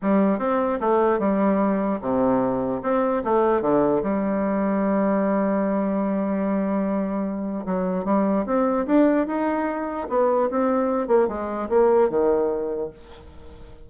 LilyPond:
\new Staff \with { instrumentName = "bassoon" } { \time 4/4 \tempo 4 = 149 g4 c'4 a4 g4~ | g4 c2 c'4 | a4 d4 g2~ | g1~ |
g2. fis4 | g4 c'4 d'4 dis'4~ | dis'4 b4 c'4. ais8 | gis4 ais4 dis2 | }